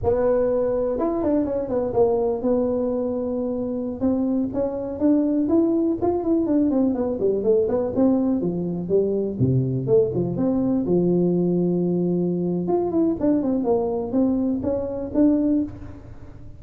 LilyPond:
\new Staff \with { instrumentName = "tuba" } { \time 4/4 \tempo 4 = 123 b2 e'8 d'8 cis'8 b8 | ais4 b2.~ | b16 c'4 cis'4 d'4 e'8.~ | e'16 f'8 e'8 d'8 c'8 b8 g8 a8 b16~ |
b16 c'4 f4 g4 c8.~ | c16 a8 f8 c'4 f4.~ f16~ | f2 f'8 e'8 d'8 c'8 | ais4 c'4 cis'4 d'4 | }